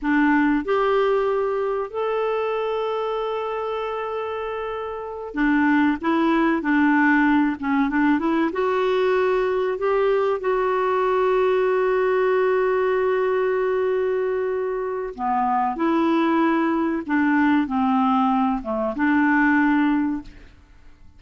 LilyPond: \new Staff \with { instrumentName = "clarinet" } { \time 4/4 \tempo 4 = 95 d'4 g'2 a'4~ | a'1~ | a'8 d'4 e'4 d'4. | cis'8 d'8 e'8 fis'2 g'8~ |
g'8 fis'2.~ fis'8~ | fis'1 | b4 e'2 d'4 | c'4. a8 d'2 | }